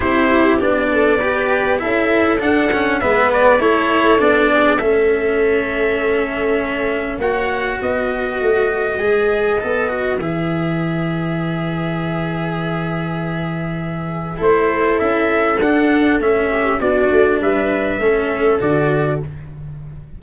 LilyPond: <<
  \new Staff \with { instrumentName = "trumpet" } { \time 4/4 \tempo 4 = 100 c''4 d''2 e''4 | fis''4 e''8 d''8 cis''4 d''4 | e''1 | fis''4 dis''2.~ |
dis''4 e''2.~ | e''1 | c''4 e''4 fis''4 e''4 | d''4 e''2 d''4 | }
  \new Staff \with { instrumentName = "viola" } { \time 4/4 g'4. a'8 b'4 a'4~ | a'4 b'4 a'4. gis'8 | a'1 | cis''4 b'2.~ |
b'1~ | b'1 | a'2.~ a'8 g'8 | fis'4 b'4 a'2 | }
  \new Staff \with { instrumentName = "cello" } { \time 4/4 e'4 d'4 g'4 e'4 | d'8 cis'8 b4 e'4 d'4 | cis'1 | fis'2. gis'4 |
a'8 fis'8 gis'2.~ | gis'1 | e'2 d'4 cis'4 | d'2 cis'4 fis'4 | }
  \new Staff \with { instrumentName = "tuba" } { \time 4/4 c'4 b2 cis'4 | d'4 gis4 a4 b4 | a1 | ais4 b4 a4 gis4 |
b4 e2.~ | e1 | a4 cis'4 d'4 a4 | b8 a8 g4 a4 d4 | }
>>